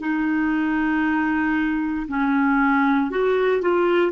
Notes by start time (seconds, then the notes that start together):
0.00 D#4
2.08 C#4
3.10 F#4
3.62 F4